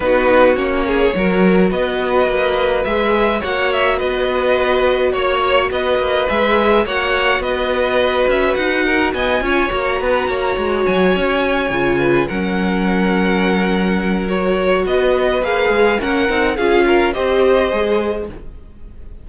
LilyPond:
<<
  \new Staff \with { instrumentName = "violin" } { \time 4/4 \tempo 4 = 105 b'4 cis''2 dis''4~ | dis''4 e''4 fis''8 e''8 dis''4~ | dis''4 cis''4 dis''4 e''4 | fis''4 dis''4. e''8 fis''4 |
gis''4 ais''2 gis''4~ | gis''4. fis''2~ fis''8~ | fis''4 cis''4 dis''4 f''4 | fis''4 f''4 dis''2 | }
  \new Staff \with { instrumentName = "violin" } { \time 4/4 fis'4. gis'8 ais'4 b'4~ | b'2 cis''4 b'4~ | b'4 cis''4 b'2 | cis''4 b'2~ b'8 ais'8 |
dis''8 cis''4 b'8 cis''2~ | cis''4 b'8 ais'2~ ais'8~ | ais'2 b'2 | ais'4 gis'8 ais'8 c''2 | }
  \new Staff \with { instrumentName = "viola" } { \time 4/4 dis'4 cis'4 fis'2~ | fis'4 gis'4 fis'2~ | fis'2. gis'4 | fis'1~ |
fis'8 f'8 fis'2.~ | fis'8 f'4 cis'2~ cis'8~ | cis'4 fis'2 gis'4 | cis'8 dis'8 f'4 g'4 gis'4 | }
  \new Staff \with { instrumentName = "cello" } { \time 4/4 b4 ais4 fis4 b4 | ais4 gis4 ais4 b4~ | b4 ais4 b8 ais8 gis4 | ais4 b4. cis'8 dis'4 |
b8 cis'8 ais8 b8 ais8 gis8 fis8 cis'8~ | cis'8 cis4 fis2~ fis8~ | fis2 b4 ais8 gis8 | ais8 c'8 cis'4 c'4 gis4 | }
>>